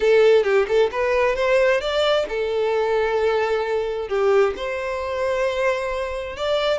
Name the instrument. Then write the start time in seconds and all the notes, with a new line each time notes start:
violin
0.00 A4
0.43 G4
0.67 A4
0.91 B4
1.35 C5
1.80 D5
2.29 A4
4.08 G4
4.56 C5
6.36 D5